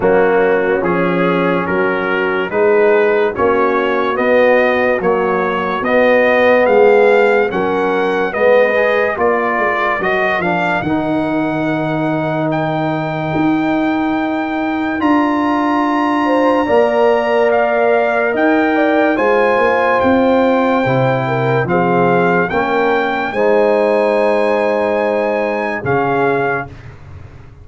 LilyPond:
<<
  \new Staff \with { instrumentName = "trumpet" } { \time 4/4 \tempo 4 = 72 fis'4 gis'4 ais'4 b'4 | cis''4 dis''4 cis''4 dis''4 | f''4 fis''4 dis''4 d''4 | dis''8 f''8 fis''2 g''4~ |
g''2 ais''2~ | ais''4 f''4 g''4 gis''4 | g''2 f''4 g''4 | gis''2. f''4 | }
  \new Staff \with { instrumentName = "horn" } { \time 4/4 cis'2 fis'4 gis'4 | fis'1 | gis'4 ais'4 b'4 ais'4~ | ais'1~ |
ais'2.~ ais'8 c''8 | d''2 dis''8 d''8 c''4~ | c''4. ais'8 gis'4 ais'4 | c''2. gis'4 | }
  \new Staff \with { instrumentName = "trombone" } { \time 4/4 ais4 cis'2 dis'4 | cis'4 b4 fis4 b4~ | b4 cis'4 b8 gis'8 f'4 | fis'8 d'8 dis'2.~ |
dis'2 f'2 | ais'2. f'4~ | f'4 e'4 c'4 cis'4 | dis'2. cis'4 | }
  \new Staff \with { instrumentName = "tuba" } { \time 4/4 fis4 f4 fis4 gis4 | ais4 b4 ais4 b4 | gis4 fis4 gis4 ais8 gis8 | fis8 f8 dis2. |
dis'2 d'2 | ais2 dis'4 gis8 ais8 | c'4 c4 f4 ais4 | gis2. cis4 | }
>>